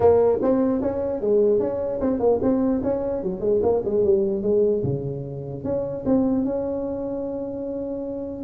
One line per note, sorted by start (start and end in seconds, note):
0.00 0.39 A#3
0.41 0.81 C4
0.81 1.20 C#4
1.20 1.59 G#3
1.59 2.00 C#4
2.00 2.19 C4
2.19 2.39 A#3
2.41 2.82 C4
2.83 3.23 C#4
3.23 3.40 F#3
3.40 3.60 G#3
3.62 3.82 A#3
3.84 4.04 G#3
4.04 4.42 G3
4.42 4.82 G#3
4.83 5.64 C#3
5.64 6.04 C#4
6.05 6.44 C4
6.44 8.43 C#4